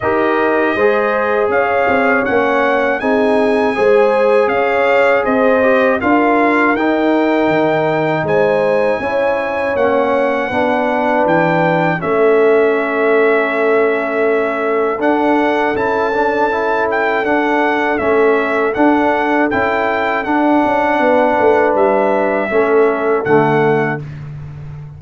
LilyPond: <<
  \new Staff \with { instrumentName = "trumpet" } { \time 4/4 \tempo 4 = 80 dis''2 f''4 fis''4 | gis''2 f''4 dis''4 | f''4 g''2 gis''4~ | gis''4 fis''2 g''4 |
e''1 | fis''4 a''4. g''8 fis''4 | e''4 fis''4 g''4 fis''4~ | fis''4 e''2 fis''4 | }
  \new Staff \with { instrumentName = "horn" } { \time 4/4 ais'4 c''4 cis''2 | gis'4 c''4 cis''4 c''4 | ais'2. c''4 | cis''2 b'2 |
a'1~ | a'1~ | a'1 | b'2 a'2 | }
  \new Staff \with { instrumentName = "trombone" } { \time 4/4 g'4 gis'2 cis'4 | dis'4 gis'2~ gis'8 g'8 | f'4 dis'2. | e'4 cis'4 d'2 |
cis'1 | d'4 e'8 d'8 e'4 d'4 | cis'4 d'4 e'4 d'4~ | d'2 cis'4 a4 | }
  \new Staff \with { instrumentName = "tuba" } { \time 4/4 dis'4 gis4 cis'8 c'8 ais4 | c'4 gis4 cis'4 c'4 | d'4 dis'4 dis4 gis4 | cis'4 ais4 b4 e4 |
a1 | d'4 cis'2 d'4 | a4 d'4 cis'4 d'8 cis'8 | b8 a8 g4 a4 d4 | }
>>